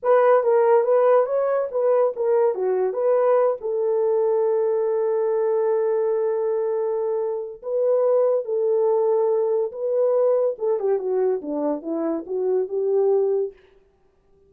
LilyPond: \new Staff \with { instrumentName = "horn" } { \time 4/4 \tempo 4 = 142 b'4 ais'4 b'4 cis''4 | b'4 ais'4 fis'4 b'4~ | b'8 a'2.~ a'8~ | a'1~ |
a'2 b'2 | a'2. b'4~ | b'4 a'8 g'8 fis'4 d'4 | e'4 fis'4 g'2 | }